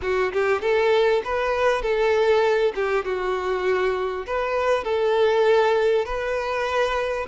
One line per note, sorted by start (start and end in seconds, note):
0.02 0.32 F#4
0.32 0.61 G4
0.61 1.22 A4
1.24 1.82 B4
1.82 2.72 A4
2.75 3.04 G4
3.04 4.26 F#4
4.26 4.84 B4
4.84 6.05 A4
6.05 7.26 B4